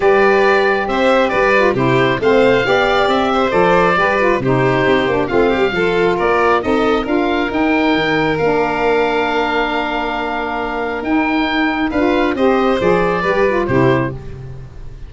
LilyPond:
<<
  \new Staff \with { instrumentName = "oboe" } { \time 4/4 \tempo 4 = 136 d''2 e''4 d''4 | c''4 f''2 e''4 | d''2 c''2 | f''2 d''4 dis''4 |
f''4 g''2 f''4~ | f''1~ | f''4 g''2 f''4 | dis''4 d''2 c''4 | }
  \new Staff \with { instrumentName = "violin" } { \time 4/4 b'2 c''4 b'4 | g'4 c''4 d''4. c''8~ | c''4 b'4 g'2 | f'8 g'8 a'4 ais'4 a'4 |
ais'1~ | ais'1~ | ais'2. b'4 | c''2 b'4 g'4 | }
  \new Staff \with { instrumentName = "saxophone" } { \time 4/4 g'2.~ g'8 f'8 | e'4 c'4 g'2 | a'4 g'8 f'8 dis'4. d'8 | c'4 f'2 dis'4 |
f'4 dis'2 d'4~ | d'1~ | d'4 dis'2 f'4 | g'4 gis'4 g'8 f'8 e'4 | }
  \new Staff \with { instrumentName = "tuba" } { \time 4/4 g2 c'4 g4 | c4 a4 b4 c'4 | f4 g4 c4 c'8 ais8 | a8 g8 f4 ais4 c'4 |
d'4 dis'4 dis4 ais4~ | ais1~ | ais4 dis'2 d'4 | c'4 f4 g4 c4 | }
>>